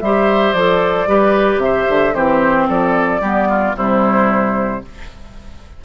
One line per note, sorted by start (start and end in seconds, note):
0.00 0.53 G3
0.00 0.56 G4
0.00 1.09 C5
0.00 0.53 E5
0.53 1.07 F3
0.53 1.07 A4
0.53 1.60 D5
1.07 1.57 G3
1.07 2.13 G4
1.07 1.62 B4
1.57 1.84 C3
1.57 2.14 E5
1.64 2.14 C5
1.89 2.15 D3
2.13 2.68 E3
2.13 3.21 C4
2.13 2.68 G4
2.13 2.68 C5
2.68 3.21 F3
2.68 3.21 A4
2.68 3.77 D5
3.21 3.74 G3
3.21 3.75 B3
3.21 3.48 G4
3.49 3.75 F4
3.75 4.83 C3
3.75 4.82 G3
3.75 4.83 E4
3.75 4.84 C5